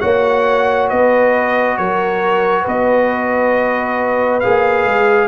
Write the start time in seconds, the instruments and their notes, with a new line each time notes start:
0.00 tuba A#3, trombone F#4, horn C#5, trumpet F#5
0.89 tuba B3, horn B4, trumpet D#5
1.77 tuba F#3, horn A#4, trumpet C#5
2.62 tuba B3, horn B4, trumpet D#5
4.40 tuba A#3, trombone G#4, trumpet F5
4.84 tuba G#3